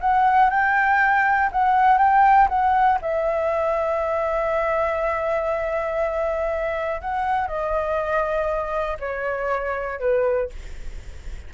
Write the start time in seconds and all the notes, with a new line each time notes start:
0.00 F#5
0.50 G5
1.52 F#5
1.97 G5
2.48 F#5
3.01 E5
7.01 F#5
7.47 D#5
8.99 C#5
9.99 B4